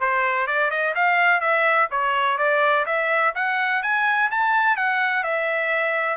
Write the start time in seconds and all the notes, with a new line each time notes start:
0.00 C5
0.47 D5
0.70 D#5
0.95 F5
1.40 E5
1.91 C#5
2.37 D5
2.85 E5
3.35 F#5
3.82 G#5
4.31 A5
4.76 F#5
5.23 E5